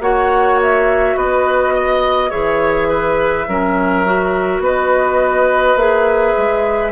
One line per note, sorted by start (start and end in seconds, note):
0.00 1.15 A#3
0.00 2.30 F#4
0.00 1.16 C#5
0.00 0.59 F#5
0.62 1.18 E5
1.16 2.32 B3
1.16 1.74 B4
1.16 2.31 D#5
1.74 2.30 D#5
2.30 3.48 E3
2.30 3.45 G#4
2.30 2.87 C#5
2.30 4.62 E5
2.89 3.47 B4
3.48 4.59 F#3
3.48 4.05 C#4
3.48 4.63 A#4
4.05 5.78 F#4
4.59 5.75 B3
4.59 6.92 B4
4.59 5.77 D#5
5.76 6.33 A#3
5.76 6.92 G#4
5.76 6.92 E5
6.37 6.92 G#3